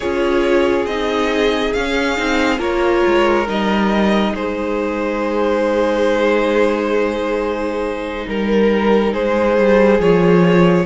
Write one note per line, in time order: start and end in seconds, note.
0.00 0.85 C#4
0.00 0.89 F4
0.00 2.59 G#4
0.00 0.86 C#5
0.85 1.72 C4
0.85 1.76 D#4
0.85 1.73 D#5
1.73 2.18 C#4
1.73 2.16 C#4
1.73 2.60 F5
2.16 2.58 C4
2.16 2.58 D#4
2.58 3.02 A#3
2.58 3.45 F4
2.58 4.32 A#4
2.58 3.47 C#5
3.06 3.47 G#3
3.47 4.34 G3
3.47 9.99 D#4
3.47 4.35 D#5
4.34 8.26 G#3
4.34 8.26 G#4
4.34 8.26 C5
8.27 9.14 G3
8.27 9.13 A#4
9.13 9.57 G#3
9.13 10.85 G#4
9.13 10.00 C5
9.57 9.99 G3
9.99 10.85 F3
9.99 10.85 F4
9.99 10.85 C#5